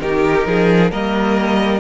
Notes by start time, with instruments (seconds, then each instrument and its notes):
0.00 cello D#3, viola D#4, violin G4 A#4
0.47 cello F3, violin G#4
0.91 cello G3, viola A#3, violin A#4 D#5